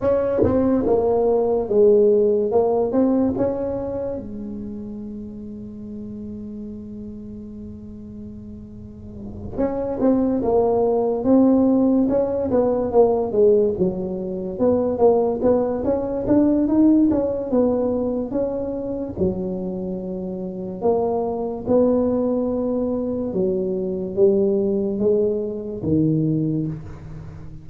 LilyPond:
\new Staff \with { instrumentName = "tuba" } { \time 4/4 \tempo 4 = 72 cis'8 c'8 ais4 gis4 ais8 c'8 | cis'4 gis2.~ | gis2.~ gis8 cis'8 | c'8 ais4 c'4 cis'8 b8 ais8 |
gis8 fis4 b8 ais8 b8 cis'8 d'8 | dis'8 cis'8 b4 cis'4 fis4~ | fis4 ais4 b2 | fis4 g4 gis4 dis4 | }